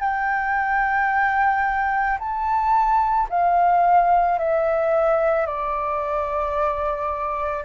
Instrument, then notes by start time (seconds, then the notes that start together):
flute
0.00 G5
2.19 A5
3.30 F5
4.39 E5
5.46 D5